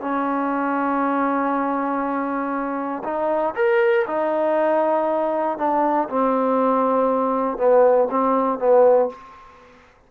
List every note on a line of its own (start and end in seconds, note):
0.00 3.03 C#4
3.04 3.54 D#4
3.55 4.05 A#4
4.07 5.58 D#4
5.58 6.08 D4
6.09 7.57 C4
7.57 8.08 B3
8.10 8.59 C4
8.59 9.09 B3